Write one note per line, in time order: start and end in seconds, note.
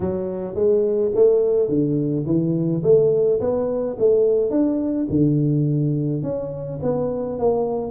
0.00 0.55 F#3
0.55 1.11 G#3
1.14 1.69 A3
1.69 2.25 D3
2.25 2.82 E3
2.83 3.40 A3
3.40 3.96 B3
3.98 4.50 A3
4.50 5.07 D4
5.09 6.22 D3
6.22 6.79 C#4
6.82 7.38 B3
7.38 7.91 A#3